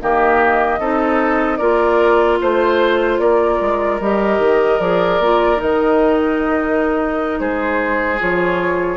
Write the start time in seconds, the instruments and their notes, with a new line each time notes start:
0.00 bassoon D#3, clarinet A#3, oboe G4, flute D#5
0.80 bassoon C4, clarinet D#4, oboe A4
1.57 bassoon A#3, clarinet F4, oboe A#4, flute D5
2.41 bassoon A3, oboe C5, flute C5
3.19 bassoon A#3, oboe A#4, flute D5
3.61 bassoon G#3
4.00 bassoon G3, clarinet G4, flute D#5
4.39 bassoon D#3
4.79 bassoon F3, clarinet G#4, flute D5
5.19 bassoon A#3, clarinet F4
5.57 bassoon D#3, clarinet D#4, flute D#5
7.40 bassoon G#3, oboe G#4, flute C5
8.19 bassoon F3, clarinet F4, flute C#5